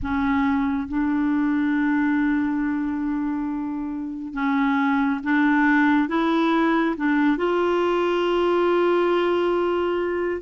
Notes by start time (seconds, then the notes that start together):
0.02 C#4
0.88 D4
4.33 C#4
5.23 D4
6.08 E4
6.96 D4
7.37 F4